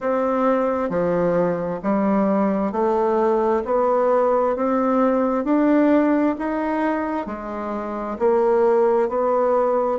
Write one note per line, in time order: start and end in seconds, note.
0.00 0.89 C4
0.89 1.80 F3
1.82 2.72 G3
2.72 3.63 A3
3.64 4.55 B3
4.55 5.44 C4
5.44 6.35 D4
6.38 7.26 D#4
7.26 8.17 G#3
8.18 9.08 A#3
9.08 9.99 B3